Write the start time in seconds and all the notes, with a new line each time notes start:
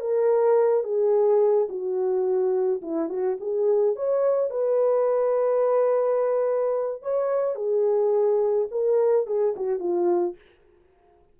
0.00 A#4
0.84 G#4
1.69 F#4
2.82 E4
3.09 F#4
3.40 G#4
3.96 C#5
4.50 B4
7.02 C#5
7.55 G#4
8.71 A#4
9.27 G#4
9.56 F#4
9.79 F4